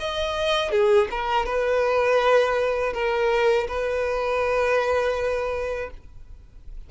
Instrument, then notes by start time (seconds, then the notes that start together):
violin
0.00 D#5
0.71 G#4
1.11 A#4
1.46 B4
2.94 A#4
3.69 B4